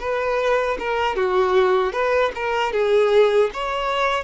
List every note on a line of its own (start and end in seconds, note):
0.00 0.78 B4
0.79 1.17 A#4
1.17 1.93 F#4
1.93 2.32 B4
2.36 2.73 A#4
2.73 3.51 G#4
3.54 4.24 C#5